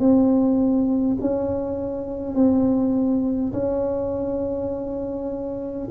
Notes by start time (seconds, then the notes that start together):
0.00 C4
1.21 C#4
2.35 C4
3.53 C#4